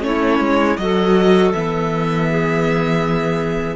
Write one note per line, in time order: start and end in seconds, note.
0.00 0.39 A3
0.00 0.75 C#4
0.00 0.79 E4
0.00 0.76 C#5
0.39 0.77 G#3
0.76 1.52 F#3
0.76 1.54 F#4
0.76 2.30 A4
0.76 1.51 D#5
1.52 3.75 E3
1.52 3.75 B3
1.52 3.75 E5
2.30 3.75 G#4